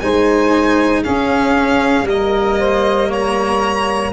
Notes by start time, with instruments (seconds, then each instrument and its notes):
0.00 tuba G#3, cello D#4, saxophone C5, violin G#5
1.02 cello C#4, tuba C#4, saxophone G#4, violin F5
2.03 tuba G3, cello A#3, saxophone A#4
2.09 violin D#5
2.59 saxophone C5
3.08 saxophone C#5, violin A#5